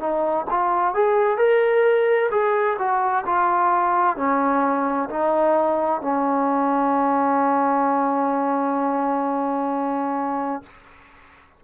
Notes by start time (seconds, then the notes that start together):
0.00 D#4
0.51 F4
0.95 G#4
1.38 A#4
2.31 G#4
2.79 F#4
3.26 F4
4.17 C#4
5.10 D#4
6.02 C#4